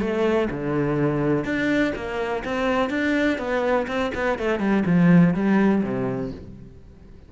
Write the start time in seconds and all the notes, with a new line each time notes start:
0.00 A3
0.50 D3
1.45 D4
1.95 A#3
2.45 C4
2.90 D4
3.38 B3
3.87 C4
4.15 B3
4.39 A3
4.59 G3
4.86 F3
5.34 G3
5.83 C3